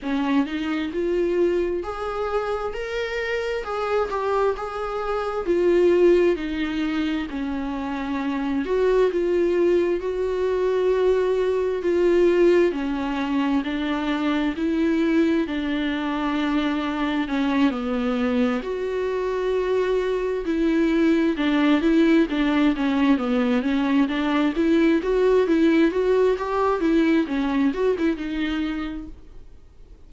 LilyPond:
\new Staff \with { instrumentName = "viola" } { \time 4/4 \tempo 4 = 66 cis'8 dis'8 f'4 gis'4 ais'4 | gis'8 g'8 gis'4 f'4 dis'4 | cis'4. fis'8 f'4 fis'4~ | fis'4 f'4 cis'4 d'4 |
e'4 d'2 cis'8 b8~ | b8 fis'2 e'4 d'8 | e'8 d'8 cis'8 b8 cis'8 d'8 e'8 fis'8 | e'8 fis'8 g'8 e'8 cis'8 fis'16 e'16 dis'4 | }